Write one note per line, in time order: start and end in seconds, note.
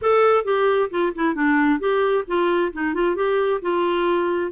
0.01 0.44 A4
0.44 0.89 G4
0.90 1.12 F4
1.15 1.35 E4
1.35 1.79 D4
1.79 2.24 G4
2.27 2.72 F4
2.72 2.93 D#4
2.93 3.15 F4
3.15 3.60 G4
3.61 4.51 F4